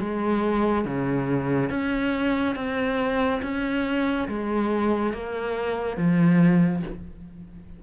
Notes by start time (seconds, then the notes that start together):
0.00 G#3
0.85 C#3
1.70 C#4
2.56 C4
3.42 C#4
4.28 G#3
5.14 A#3
5.97 F3